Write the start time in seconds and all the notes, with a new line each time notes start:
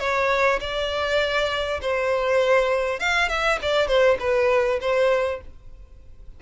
0.00 C#5
0.61 D5
1.82 C5
3.00 F5
3.29 E5
3.62 D5
3.88 C5
4.20 B4
4.81 C5